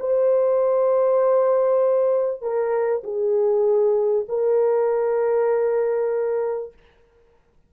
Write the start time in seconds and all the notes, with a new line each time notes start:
0.00 C5
2.42 A#4
3.04 G#4
4.29 A#4